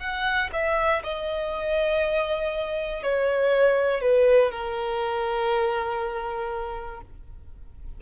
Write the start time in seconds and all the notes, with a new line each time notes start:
0.00 F#5
0.53 E5
1.04 D#5
3.04 C#5
4.02 B4
4.52 A#4